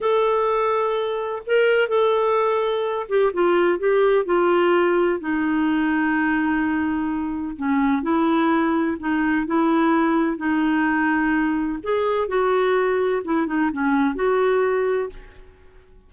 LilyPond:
\new Staff \with { instrumentName = "clarinet" } { \time 4/4 \tempo 4 = 127 a'2. ais'4 | a'2~ a'8 g'8 f'4 | g'4 f'2 dis'4~ | dis'1 |
cis'4 e'2 dis'4 | e'2 dis'2~ | dis'4 gis'4 fis'2 | e'8 dis'8 cis'4 fis'2 | }